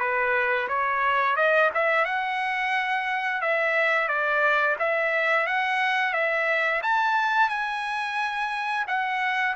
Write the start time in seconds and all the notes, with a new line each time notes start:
0.00 B4
0.68 C#5
1.36 D#5
1.74 E5
2.05 F#5
3.42 E5
4.08 D5
4.79 E5
5.47 F#5
6.14 E5
6.83 A5
7.49 G#5
8.88 F#5